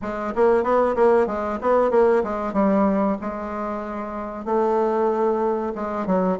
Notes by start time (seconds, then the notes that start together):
0.01 G#3
0.35 A#3
0.63 B3
0.95 A#3
1.26 G#3
1.61 B3
1.90 A#3
2.23 G#3
2.53 G3
3.21 G#3
4.45 A3
5.75 G#3
6.06 F#3